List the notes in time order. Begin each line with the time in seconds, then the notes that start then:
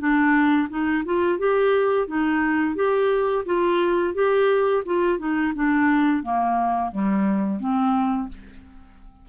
0.00 D4
0.70 D#4
1.06 F4
1.39 G4
2.08 D#4
2.76 G4
3.46 F4
4.15 G4
4.86 F4
5.19 D#4
5.56 D4
6.24 A#3
6.92 G3
7.60 C4